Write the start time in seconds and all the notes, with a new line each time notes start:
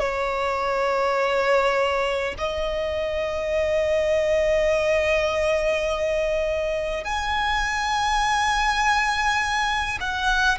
0.00 C#5
2.39 D#5
7.05 G#5
10.01 F#5